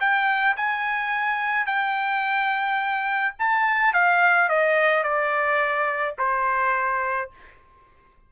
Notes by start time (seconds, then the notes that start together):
0.00 G5
0.56 G#5
1.66 G5
3.39 A5
3.93 F5
4.49 D#5
5.03 D5
6.18 C5